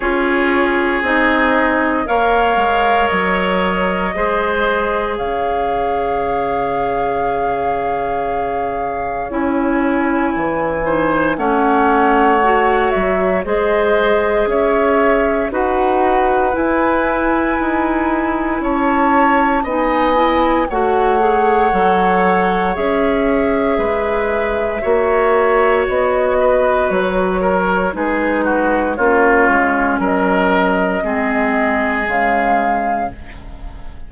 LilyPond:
<<
  \new Staff \with { instrumentName = "flute" } { \time 4/4 \tempo 4 = 58 cis''4 dis''4 f''4 dis''4~ | dis''4 f''2.~ | f''4 gis''2 fis''4~ | fis''8 e''8 dis''4 e''4 fis''4 |
gis''2 a''4 gis''4 | fis''2 e''2~ | e''4 dis''4 cis''4 b'4 | cis''4 dis''2 f''4 | }
  \new Staff \with { instrumentName = "oboe" } { \time 4/4 gis'2 cis''2 | c''4 cis''2.~ | cis''2~ cis''8 c''8 cis''4~ | cis''4 c''4 cis''4 b'4~ |
b'2 cis''4 dis''4 | cis''2. b'4 | cis''4. b'4 ais'8 gis'8 fis'8 | f'4 ais'4 gis'2 | }
  \new Staff \with { instrumentName = "clarinet" } { \time 4/4 f'4 dis'4 ais'2 | gis'1~ | gis'4 e'4. dis'8 cis'4 | fis'4 gis'2 fis'4 |
e'2. dis'8 e'8 | fis'8 gis'8 a'4 gis'2 | fis'2. dis'4 | cis'2 c'4 gis4 | }
  \new Staff \with { instrumentName = "bassoon" } { \time 4/4 cis'4 c'4 ais8 gis8 fis4 | gis4 cis2.~ | cis4 cis'4 e4 a4~ | a8 fis8 gis4 cis'4 dis'4 |
e'4 dis'4 cis'4 b4 | a4 fis4 cis'4 gis4 | ais4 b4 fis4 gis4 | ais8 gis8 fis4 gis4 cis4 | }
>>